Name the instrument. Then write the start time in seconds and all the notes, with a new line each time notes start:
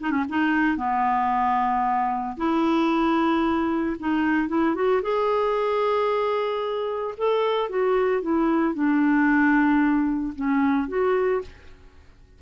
clarinet
0.00 D#4
0.11 C#4
0.29 D#4
0.77 B3
2.37 E4
3.99 D#4
4.48 E4
4.75 F#4
5.02 G#4
7.17 A4
7.69 F#4
8.22 E4
8.74 D4
10.35 C#4
10.88 F#4